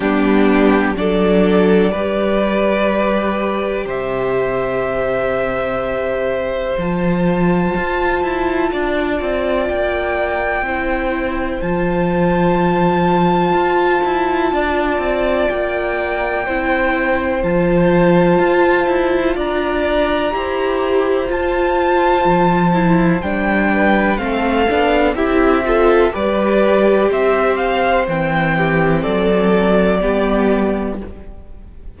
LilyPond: <<
  \new Staff \with { instrumentName = "violin" } { \time 4/4 \tempo 4 = 62 g'4 d''2. | e''2. a''4~ | a''2 g''2 | a''1 |
g''2 a''2 | ais''2 a''2 | g''4 f''4 e''4 d''4 | e''8 f''8 g''4 d''2 | }
  \new Staff \with { instrumentName = "violin" } { \time 4/4 d'4 a'4 b'2 | c''1~ | c''4 d''2 c''4~ | c''2. d''4~ |
d''4 c''2. | d''4 c''2.~ | c''8 b'8 a'4 g'8 a'8 b'4 | c''4. g'8 a'4 g'4 | }
  \new Staff \with { instrumentName = "viola" } { \time 4/4 b4 d'4 g'2~ | g'2. f'4~ | f'2. e'4 | f'1~ |
f'4 e'4 f'2~ | f'4 g'4 f'4. e'8 | d'4 c'8 d'8 e'8 f'8 g'4~ | g'4 c'2 b4 | }
  \new Staff \with { instrumentName = "cello" } { \time 4/4 g4 fis4 g2 | c2. f4 | f'8 e'8 d'8 c'8 ais4 c'4 | f2 f'8 e'8 d'8 c'8 |
ais4 c'4 f4 f'8 e'8 | d'4 e'4 f'4 f4 | g4 a8 b8 c'4 g4 | c'4 e4 fis4 g4 | }
>>